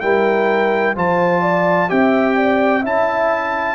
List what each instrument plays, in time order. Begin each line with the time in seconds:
0.00 tuba G3, trombone E4, horn A#4, trumpet G5
0.95 tuba F3, trombone F4, horn C5, trumpet A5
1.41 horn D5
1.88 tuba C4, trombone G4, horn E5, trumpet G5
2.35 horn D5
2.81 tuba C#4, trombone E4, horn E5, trumpet A5